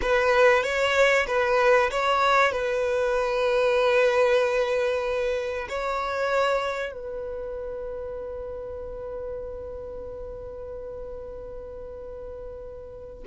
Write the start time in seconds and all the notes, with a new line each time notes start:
0.01 B4
0.63 C#5
1.27 B4
1.90 C#5
2.52 B4
5.68 C#5
6.92 B4